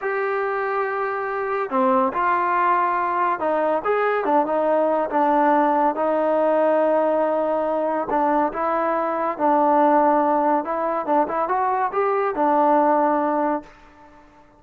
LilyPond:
\new Staff \with { instrumentName = "trombone" } { \time 4/4 \tempo 4 = 141 g'1 | c'4 f'2. | dis'4 gis'4 d'8 dis'4. | d'2 dis'2~ |
dis'2. d'4 | e'2 d'2~ | d'4 e'4 d'8 e'8 fis'4 | g'4 d'2. | }